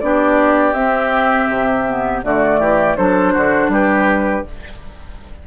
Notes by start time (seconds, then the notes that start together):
0.00 B3 D4 G4 D5
0.73 C4 E5
1.49 C3
1.87 B3
2.23 D3 A3 F#4 D5
2.59 E3 G4
2.97 F#3 D4 A4 C5
3.33 D3 F#4
3.68 G3 G4 B4